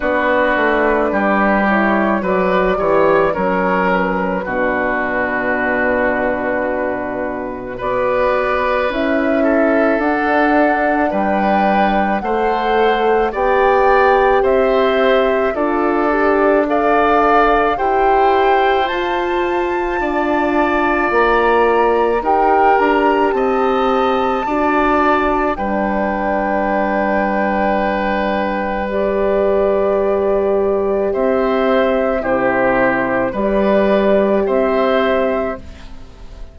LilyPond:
<<
  \new Staff \with { instrumentName = "flute" } { \time 4/4 \tempo 4 = 54 b'4. cis''8 d''4 cis''8 b'8~ | b'2. d''4 | e''4 fis''4 g''4 fis''4 | g''4 e''4 d''4 f''4 |
g''4 a''2 ais''4 | g''8 ais''8 a''2 g''4~ | g''2 d''2 | e''4 c''4 d''4 e''4 | }
  \new Staff \with { instrumentName = "oboe" } { \time 4/4 fis'4 g'4 b'8 cis''8 ais'4 | fis'2. b'4~ | b'8 a'4. b'4 c''4 | d''4 c''4 a'4 d''4 |
c''2 d''2 | ais'4 dis''4 d''4 b'4~ | b'1 | c''4 g'4 b'4 c''4 | }
  \new Staff \with { instrumentName = "horn" } { \time 4/4 d'4. e'8 fis'8 g'8 cis'4 | d'2. fis'4 | e'4 d'2 a'4 | g'2 f'8 g'8 a'4 |
g'4 f'2. | g'2 fis'4 d'4~ | d'2 g'2~ | g'4 e'4 g'2 | }
  \new Staff \with { instrumentName = "bassoon" } { \time 4/4 b8 a8 g4 fis8 e8 fis4 | b,2. b4 | cis'4 d'4 g4 a4 | b4 c'4 d'2 |
e'4 f'4 d'4 ais4 | dis'8 d'8 c'4 d'4 g4~ | g1 | c'4 c4 g4 c'4 | }
>>